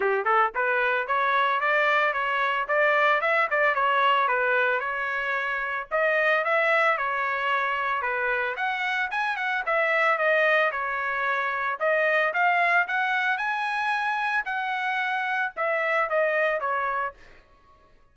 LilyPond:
\new Staff \with { instrumentName = "trumpet" } { \time 4/4 \tempo 4 = 112 g'8 a'8 b'4 cis''4 d''4 | cis''4 d''4 e''8 d''8 cis''4 | b'4 cis''2 dis''4 | e''4 cis''2 b'4 |
fis''4 gis''8 fis''8 e''4 dis''4 | cis''2 dis''4 f''4 | fis''4 gis''2 fis''4~ | fis''4 e''4 dis''4 cis''4 | }